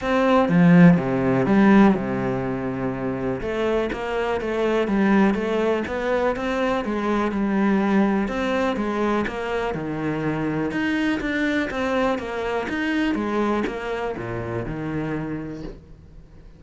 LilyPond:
\new Staff \with { instrumentName = "cello" } { \time 4/4 \tempo 4 = 123 c'4 f4 c4 g4 | c2. a4 | ais4 a4 g4 a4 | b4 c'4 gis4 g4~ |
g4 c'4 gis4 ais4 | dis2 dis'4 d'4 | c'4 ais4 dis'4 gis4 | ais4 ais,4 dis2 | }